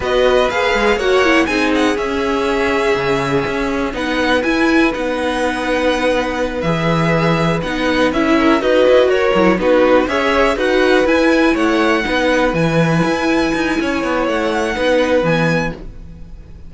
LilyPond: <<
  \new Staff \with { instrumentName = "violin" } { \time 4/4 \tempo 4 = 122 dis''4 f''4 fis''4 gis''8 fis''8 | e''1 | fis''4 gis''4 fis''2~ | fis''4. e''2 fis''8~ |
fis''8 e''4 dis''4 cis''4 b'8~ | b'8 e''4 fis''4 gis''4 fis''8~ | fis''4. gis''2~ gis''8~ | gis''4 fis''2 gis''4 | }
  \new Staff \with { instrumentName = "violin" } { \time 4/4 b'2 cis''4 gis'4~ | gis'1 | b'1~ | b'1~ |
b'4 ais'8 b'4 ais'4 fis'8~ | fis'8 cis''4 b'2 cis''8~ | cis''8 b'2.~ b'8 | cis''2 b'2 | }
  \new Staff \with { instrumentName = "viola" } { \time 4/4 fis'4 gis'4 fis'8 e'8 dis'4 | cis'1 | dis'4 e'4 dis'2~ | dis'4. gis'2 dis'8~ |
dis'8 e'4 fis'4. e'8 dis'8~ | dis'8 gis'4 fis'4 e'4.~ | e'8 dis'4 e'2~ e'8~ | e'2 dis'4 b4 | }
  \new Staff \with { instrumentName = "cello" } { \time 4/4 b4 ais8 gis8 ais4 c'4 | cis'2 cis4 cis'4 | b4 e'4 b2~ | b4. e2 b8~ |
b8 cis'4 dis'8 e'8 fis'8 fis8 b8~ | b8 cis'4 dis'4 e'4 a8~ | a8 b4 e4 e'4 dis'8 | cis'8 b8 a4 b4 e4 | }
>>